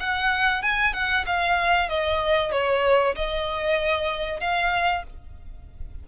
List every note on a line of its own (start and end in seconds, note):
0.00 0.63 F#5
0.63 0.94 G#5
0.94 1.25 F#5
1.26 1.89 F5
1.89 2.52 D#5
2.52 3.15 C#5
3.16 4.40 D#5
4.40 5.04 F5